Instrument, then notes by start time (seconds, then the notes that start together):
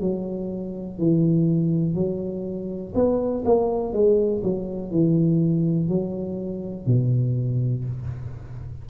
tuba
0.00 F#3
0.98 E3
1.94 F#3
2.95 B3
3.45 A#3
3.93 G#3
4.44 F#3
4.91 E3
5.89 F#3
6.86 B2